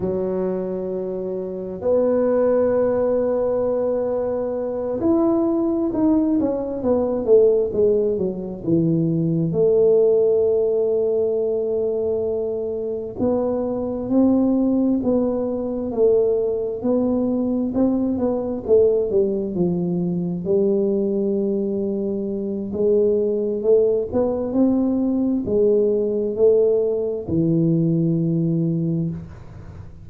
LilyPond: \new Staff \with { instrumentName = "tuba" } { \time 4/4 \tempo 4 = 66 fis2 b2~ | b4. e'4 dis'8 cis'8 b8 | a8 gis8 fis8 e4 a4.~ | a2~ a8 b4 c'8~ |
c'8 b4 a4 b4 c'8 | b8 a8 g8 f4 g4.~ | g4 gis4 a8 b8 c'4 | gis4 a4 e2 | }